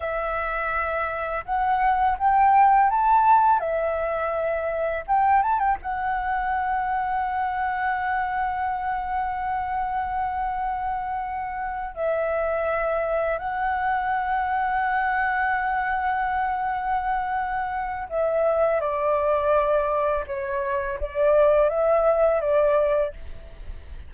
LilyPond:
\new Staff \with { instrumentName = "flute" } { \time 4/4 \tempo 4 = 83 e''2 fis''4 g''4 | a''4 e''2 g''8 a''16 g''16 | fis''1~ | fis''1~ |
fis''8 e''2 fis''4.~ | fis''1~ | fis''4 e''4 d''2 | cis''4 d''4 e''4 d''4 | }